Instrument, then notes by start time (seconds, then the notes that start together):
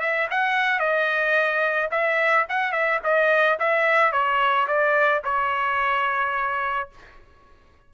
trumpet
0.00 E5
0.30 F#5
0.79 D#5
1.91 E5
2.49 F#5
2.72 E5
3.03 D#5
3.59 E5
4.12 C#5
4.67 D5
5.24 C#5